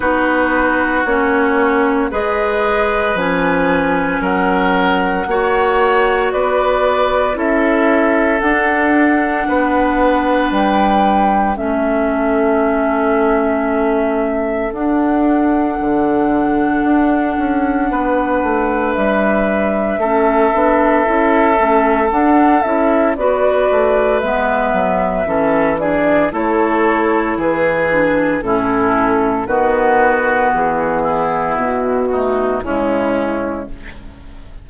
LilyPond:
<<
  \new Staff \with { instrumentName = "flute" } { \time 4/4 \tempo 4 = 57 b'4 cis''4 dis''4 gis''4 | fis''2 d''4 e''4 | fis''2 g''4 e''4~ | e''2 fis''2~ |
fis''2 e''2~ | e''4 fis''8 e''8 d''4 e''4~ | e''8 d''8 cis''4 b'4 a'4 | b'4 gis'4 fis'4 e'4 | }
  \new Staff \with { instrumentName = "oboe" } { \time 4/4 fis'2 b'2 | ais'4 cis''4 b'4 a'4~ | a'4 b'2 a'4~ | a'1~ |
a'4 b'2 a'4~ | a'2 b'2 | a'8 gis'8 a'4 gis'4 e'4 | fis'4. e'4 dis'8 cis'4 | }
  \new Staff \with { instrumentName = "clarinet" } { \time 4/4 dis'4 cis'4 gis'4 cis'4~ | cis'4 fis'2 e'4 | d'2. cis'4~ | cis'2 d'2~ |
d'2. cis'8 d'8 | e'8 cis'8 d'8 e'8 fis'4 b4 | cis'8 d'8 e'4. d'8 cis'4 | b2~ b8 a8 gis4 | }
  \new Staff \with { instrumentName = "bassoon" } { \time 4/4 b4 ais4 gis4 f4 | fis4 ais4 b4 cis'4 | d'4 b4 g4 a4~ | a2 d'4 d4 |
d'8 cis'8 b8 a8 g4 a8 b8 | cis'8 a8 d'8 cis'8 b8 a8 gis8 fis8 | e4 a4 e4 a,4 | dis4 e4 b,4 cis4 | }
>>